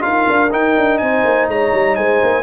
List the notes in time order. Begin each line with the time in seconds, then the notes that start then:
0.00 D#4 F4 A#4 F5
0.29 D4
0.51 D#4 G5
0.77 D4
0.98 C4 C5 G#5
1.24 A#3
1.48 G#3 C#5 A#5
1.73 G3
1.96 G#3 C5 G#5
2.23 A#3